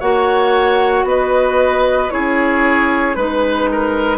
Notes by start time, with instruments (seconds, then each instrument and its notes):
0.00 bassoon A#3, clarinet F#4, oboe C#5, flute F#5
1.04 bassoon B3, oboe B4, flute D#5
2.10 bassoon C#4, clarinet E4, oboe G#4, flute C#5
3.15 bassoon G#3, clarinet D#4, flute B4, oboe B4
3.72 oboe A#4